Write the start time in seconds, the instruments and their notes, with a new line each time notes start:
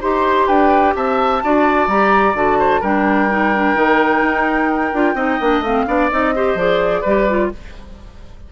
0.00 bassoon D#4, clarinet G4, oboe C5, flute C6
0.47 bassoon D4, oboe B4, flute G5
0.95 bassoon C4, oboe E5, flute A5
1.43 bassoon D4, clarinet F#4, oboe D5
1.87 bassoon G3, clarinet G4, flute A#5
2.34 bassoon D3, clarinet F#4, flute A5
2.58 oboe C5
2.81 bassoon G3, clarinet D4, oboe A#4, flute G5
3.30 clarinet D#4
3.55 clarinet D4
3.75 bassoon D#3, clarinet D#4
4.22 bassoon D#4
4.93 bassoon D4, clarinet F4
5.14 bassoon C4, clarinet D#4, oboe D#5
5.40 bassoon A#3, clarinet D4
5.60 bassoon A3, clarinet C4, flute F5
5.87 bassoon B3, clarinet D4, oboe D5
6.11 bassoon C4, clarinet D#4, flute D#5
6.35 clarinet G4, oboe C5
6.54 bassoon F3, clarinet G#4, flute D5
7.01 bassoon G3, clarinet G4, oboe B4
7.28 clarinet F4